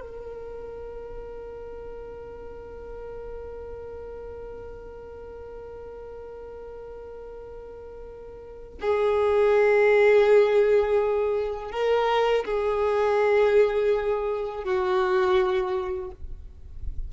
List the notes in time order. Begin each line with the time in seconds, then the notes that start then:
0.00 A#4
8.81 G#4
11.71 A#4
12.45 G#4
14.64 F#4